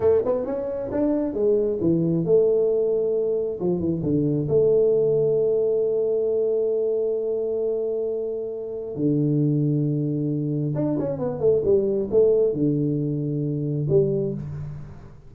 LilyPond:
\new Staff \with { instrumentName = "tuba" } { \time 4/4 \tempo 4 = 134 a8 b8 cis'4 d'4 gis4 | e4 a2. | f8 e8 d4 a2~ | a1~ |
a1 | d1 | d'8 cis'8 b8 a8 g4 a4 | d2. g4 | }